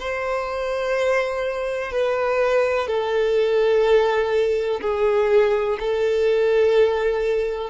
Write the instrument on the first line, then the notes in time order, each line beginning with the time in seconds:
violin
0.00 C5
1.92 B4
2.87 A4
4.81 G#4
5.80 A4